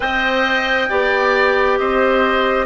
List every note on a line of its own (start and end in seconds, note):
0.00 0.90 C4
0.00 0.88 C5
0.00 0.89 D#5
0.00 1.78 G5
0.89 1.78 B3
0.89 2.66 G4
0.89 1.78 D5
1.78 2.66 C4
1.78 2.66 C5
1.78 2.66 D#5